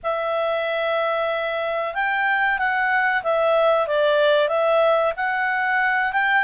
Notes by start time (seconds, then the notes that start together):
0.03 E5
1.94 G5
2.58 F#5
3.23 E5
3.87 D5
4.48 E5
5.16 F#5
6.12 G5